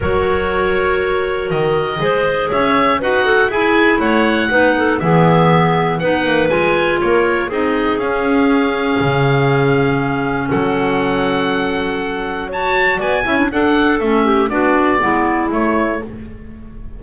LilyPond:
<<
  \new Staff \with { instrumentName = "oboe" } { \time 4/4 \tempo 4 = 120 cis''2. dis''4~ | dis''4 e''4 fis''4 gis''4 | fis''2 e''2 | fis''4 gis''4 cis''4 dis''4 |
f''1~ | f''4 fis''2.~ | fis''4 a''4 gis''4 fis''4 | e''4 d''2 cis''4 | }
  \new Staff \with { instrumentName = "clarinet" } { \time 4/4 ais'1 | c''4 cis''4 b'8 a'8 gis'4 | cis''4 b'8 a'8 gis'2 | b'2 ais'4 gis'4~ |
gis'1~ | gis'4 a'2.~ | a'4 cis''4 d''8 e''16 d'16 a'4~ | a'8 g'8 fis'4 e'2 | }
  \new Staff \with { instrumentName = "clarinet" } { \time 4/4 fis'1 | gis'2 fis'4 e'4~ | e'4 dis'4 b2 | dis'4 f'2 dis'4 |
cis'1~ | cis'1~ | cis'4 fis'4. e'8 d'4 | cis'4 d'4 b4 a4 | }
  \new Staff \with { instrumentName = "double bass" } { \time 4/4 fis2. dis4 | gis4 cis'4 dis'4 e'4 | a4 b4 e2 | b8 ais8 gis4 ais4 c'4 |
cis'2 cis2~ | cis4 fis2.~ | fis2 b8 cis'8 d'4 | a4 b4 gis4 a4 | }
>>